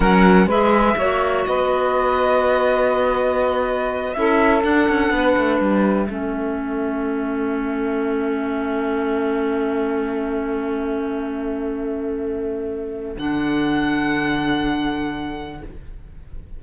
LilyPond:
<<
  \new Staff \with { instrumentName = "violin" } { \time 4/4 \tempo 4 = 123 fis''4 e''2 dis''4~ | dis''1~ | dis''8 e''4 fis''2 e''8~ | e''1~ |
e''1~ | e''1~ | e''2. fis''4~ | fis''1 | }
  \new Staff \with { instrumentName = "saxophone" } { \time 4/4 ais'4 b'4 cis''4 b'4~ | b'1~ | b'8 a'2 b'4.~ | b'8 a'2.~ a'8~ |
a'1~ | a'1~ | a'1~ | a'1 | }
  \new Staff \with { instrumentName = "clarinet" } { \time 4/4 cis'4 gis'4 fis'2~ | fis'1~ | fis'8 e'4 d'2~ d'8~ | d'8 cis'2.~ cis'8~ |
cis'1~ | cis'1~ | cis'2. d'4~ | d'1 | }
  \new Staff \with { instrumentName = "cello" } { \time 4/4 fis4 gis4 ais4 b4~ | b1~ | b8 cis'4 d'8 cis'8 b8 a8 g8~ | g8 a2.~ a8~ |
a1~ | a1~ | a2. d4~ | d1 | }
>>